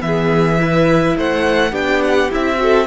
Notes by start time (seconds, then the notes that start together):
0.00 E3 B3 E5
0.06 G#4
0.58 E4 B4
1.16 A3 C5 F#5
1.71 B3 D4 G4 G5
2.02 F#5
2.30 C4 E4 E5
2.56 F#4 A4